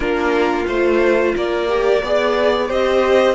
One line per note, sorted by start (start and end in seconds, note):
0.00 0.66 A#3
0.00 0.66 D4
0.00 1.35 F4
0.00 0.65 A#4
0.66 1.35 A3
0.66 1.67 F4
0.66 1.35 C5
1.36 2.02 A#3
1.36 2.02 A#4
1.36 2.71 D5
1.68 2.01 G4
2.02 2.70 B3
2.02 2.68 G#4
2.02 2.68 D5
2.68 3.34 C4
2.68 3.34 G4
2.68 3.34 C5
2.68 3.34 D#5